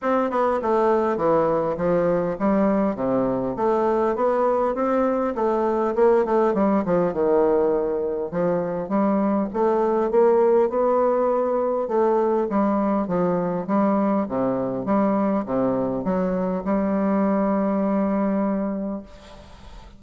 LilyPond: \new Staff \with { instrumentName = "bassoon" } { \time 4/4 \tempo 4 = 101 c'8 b8 a4 e4 f4 | g4 c4 a4 b4 | c'4 a4 ais8 a8 g8 f8 | dis2 f4 g4 |
a4 ais4 b2 | a4 g4 f4 g4 | c4 g4 c4 fis4 | g1 | }